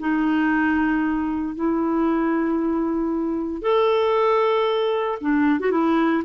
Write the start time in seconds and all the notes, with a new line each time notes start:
0.00 D#4
1.56 E4
3.63 A4
5.21 D4
5.61 F#4
5.72 E4